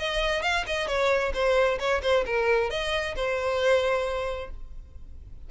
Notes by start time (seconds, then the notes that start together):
0.00 D#5
0.43 F5
0.67 D#5
0.88 C#5
1.34 C5
1.80 C#5
2.03 C5
2.26 A#4
2.71 D#5
3.16 C5